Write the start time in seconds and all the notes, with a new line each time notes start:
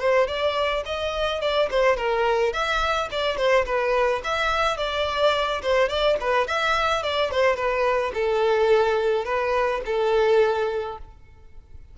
0.00 C5
0.28 D5
0.86 D#5
1.41 D5
1.71 C5
1.97 A#4
2.53 E5
3.11 D5
3.37 C5
3.66 B4
4.24 E5
4.78 D5
5.62 C5
5.89 D5
6.21 B4
6.47 E5
7.03 D5
7.31 C5
7.56 B4
8.14 A4
9.25 B4
9.86 A4